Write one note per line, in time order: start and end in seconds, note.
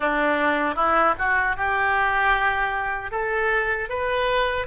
0.00 0.75 D4
0.75 1.14 E4
1.18 1.56 F#4
1.56 3.11 G4
3.11 3.89 A4
3.89 4.66 B4